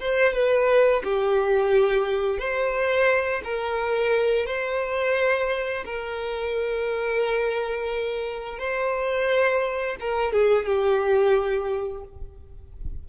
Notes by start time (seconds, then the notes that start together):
0.00 C5
0.34 B4
1.04 G4
2.39 C5
3.45 A#4
4.47 C5
5.85 A#4
8.59 C5
10.00 A#4
10.33 G#4
10.66 G4